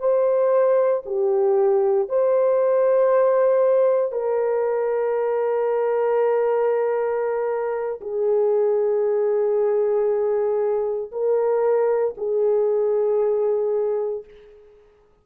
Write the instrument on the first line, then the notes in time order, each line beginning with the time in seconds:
horn
0.00 C5
1.06 G4
2.09 C5
4.12 A#4
8.01 G#4
11.12 A#4
12.17 G#4